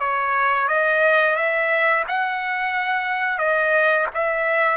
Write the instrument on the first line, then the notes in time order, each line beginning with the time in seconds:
trumpet
0.00 C#5
0.68 D#5
1.36 E5
2.08 F#5
3.38 D#5
4.14 E5